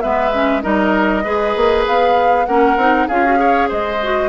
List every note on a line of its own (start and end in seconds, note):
0.00 0.64 G#3
0.00 0.32 B3
0.00 0.62 B4
0.00 0.61 E5
0.32 0.62 C#4
0.62 1.24 G3
0.62 1.23 D#4
0.62 1.23 A#4
0.62 1.84 D#5
1.23 1.55 G#3
1.23 2.46 G#4
1.23 2.46 B4
1.55 1.86 A#3
1.86 2.47 B3
1.86 2.45 F5
2.45 2.76 A#3
2.45 2.77 C#4
2.45 3.07 A#4
2.45 3.06 F#5
2.76 3.07 C4
2.76 3.09 D#4
3.07 3.70 C#4
3.07 3.24 F4
3.07 3.38 G#4
3.07 3.68 F5
3.24 3.35 F#4
3.35 3.96 G#4
3.35 3.68 C#5
3.68 4.28 G#3
3.68 4.28 C5
3.68 4.28 D#5
4.02 4.28 F#4